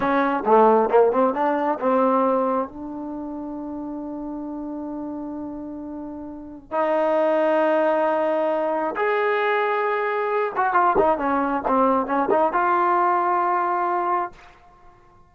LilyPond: \new Staff \with { instrumentName = "trombone" } { \time 4/4 \tempo 4 = 134 cis'4 a4 ais8 c'8 d'4 | c'2 d'2~ | d'1~ | d'2. dis'4~ |
dis'1 | gis'2.~ gis'8 fis'8 | f'8 dis'8 cis'4 c'4 cis'8 dis'8 | f'1 | }